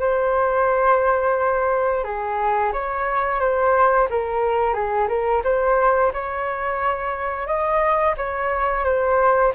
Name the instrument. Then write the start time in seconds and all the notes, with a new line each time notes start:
flute
0.00 C5
2.05 G#4
2.73 C#5
3.40 C5
4.11 A#4
4.74 G#4
5.09 A#4
5.44 C5
6.14 C#5
7.47 D#5
8.18 C#5
8.85 C5